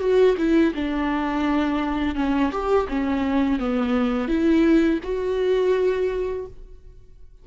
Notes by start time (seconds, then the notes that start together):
0.00 F#4
0.38 E4
0.75 D4
2.16 C#4
2.52 G4
2.89 C#4
3.60 B3
4.28 E4
5.04 F#4